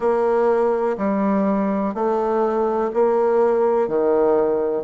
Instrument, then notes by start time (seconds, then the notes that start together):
bassoon
0.00 A#3
0.97 G3
1.94 A3
2.93 A#3
3.88 D#3